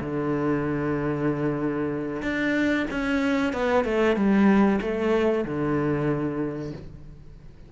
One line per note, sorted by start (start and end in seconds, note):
0.00 2.22 D3
2.22 2.86 D4
2.90 3.53 C#4
3.53 3.84 B3
3.84 4.16 A3
4.16 4.80 G3
4.81 5.44 A3
5.44 6.72 D3